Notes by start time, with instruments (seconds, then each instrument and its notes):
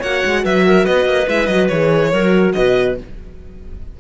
0.00 cello A#3, horn F#4, clarinet C#5, violin F#5
0.25 cello G#3
0.44 cello F#3, clarinet B4, violin E5
0.67 clarinet A#4
0.85 cello B3, clarinet B4, violin D#5
1.06 cello A#3
1.28 cello G#3, horn E4, violin E5
1.47 cello F#3, horn F#4, violin D#5
1.68 cello E3, horn G#4, violin C#5
2.12 cello F#3, horn F#4, clarinet A#4
2.54 cello B2, clarinet B4, violin D#5